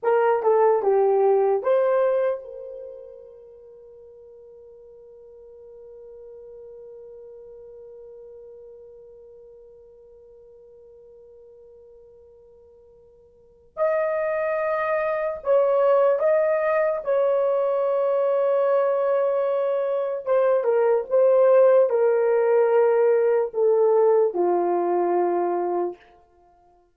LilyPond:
\new Staff \with { instrumentName = "horn" } { \time 4/4 \tempo 4 = 74 ais'8 a'8 g'4 c''4 ais'4~ | ais'1~ | ais'1~ | ais'1~ |
ais'4 dis''2 cis''4 | dis''4 cis''2.~ | cis''4 c''8 ais'8 c''4 ais'4~ | ais'4 a'4 f'2 | }